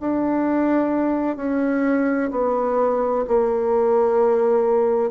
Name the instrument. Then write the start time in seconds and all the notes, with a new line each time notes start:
bassoon
0.00 D4
1.36 C#4
2.31 B3
3.27 A#3